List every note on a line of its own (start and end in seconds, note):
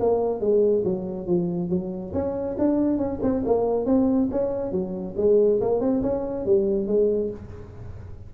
0.00 0.41 A#3
0.41 0.84 G#3
0.84 1.27 F#3
1.27 1.70 F3
1.70 2.13 F#3
2.13 2.56 C#4
2.59 2.98 D4
2.98 3.19 C#4
3.23 3.44 C4
3.46 3.86 A#3
3.86 4.29 C4
4.31 4.72 C#4
4.72 5.15 F#3
5.17 5.60 G#3
5.61 5.81 A#3
5.81 6.02 C4
6.03 6.46 C#4
6.46 6.88 G3
6.88 7.31 G#3